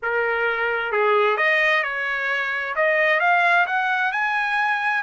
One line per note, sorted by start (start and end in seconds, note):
0.02 0.92 A#4
0.92 1.37 G#4
1.37 1.83 D#5
1.83 2.74 C#5
2.75 3.20 D#5
3.20 3.65 F5
3.66 4.12 F#5
4.12 5.03 G#5